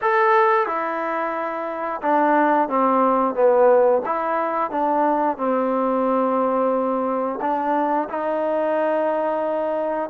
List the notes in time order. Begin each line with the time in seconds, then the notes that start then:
0.01 A4
0.66 E4
2.02 D4
2.68 C4
3.34 B3
4.05 E4
4.70 D4
5.37 C4
7.41 D4
8.09 D#4